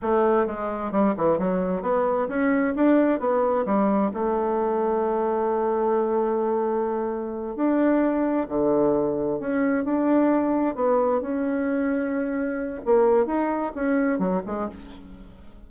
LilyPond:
\new Staff \with { instrumentName = "bassoon" } { \time 4/4 \tempo 4 = 131 a4 gis4 g8 e8 fis4 | b4 cis'4 d'4 b4 | g4 a2.~ | a1~ |
a8 d'2 d4.~ | d8 cis'4 d'2 b8~ | b8 cis'2.~ cis'8 | ais4 dis'4 cis'4 fis8 gis8 | }